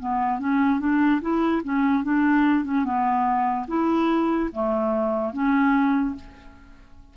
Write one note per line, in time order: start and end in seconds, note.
0.00 0.40 B3
0.40 0.80 C#4
0.80 1.21 D4
1.21 1.63 E4
1.64 2.04 C#4
2.04 2.65 D4
2.65 2.85 C#4
2.85 3.67 B3
3.68 4.51 E4
4.53 5.33 A3
5.33 6.16 C#4